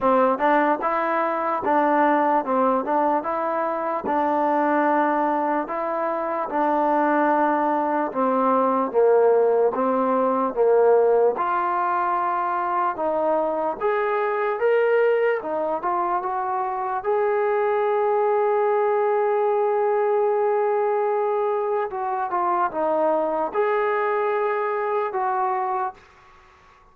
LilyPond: \new Staff \with { instrumentName = "trombone" } { \time 4/4 \tempo 4 = 74 c'8 d'8 e'4 d'4 c'8 d'8 | e'4 d'2 e'4 | d'2 c'4 ais4 | c'4 ais4 f'2 |
dis'4 gis'4 ais'4 dis'8 f'8 | fis'4 gis'2.~ | gis'2. fis'8 f'8 | dis'4 gis'2 fis'4 | }